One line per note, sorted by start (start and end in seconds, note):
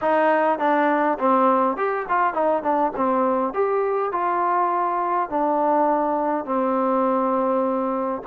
0.01 0.59 D#4
0.59 1.17 D4
1.18 1.76 C4
1.76 2.06 G4
2.09 2.33 F4
2.33 2.62 D#4
2.62 2.92 D4
2.96 3.53 C4
3.53 4.11 G4
4.11 5.29 F4
5.29 6.45 D4
6.45 8.21 C4